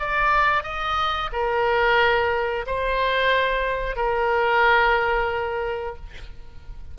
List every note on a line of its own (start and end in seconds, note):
0.00 0.64 D5
0.64 1.30 D#5
1.33 2.66 A#4
2.67 3.96 C5
3.96 5.96 A#4